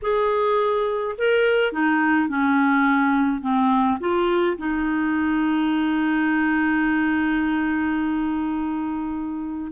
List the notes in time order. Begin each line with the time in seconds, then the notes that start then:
0.02 G#4
1.18 A#4
1.72 D#4
2.28 C#4
3.41 C4
4.00 F4
4.57 D#4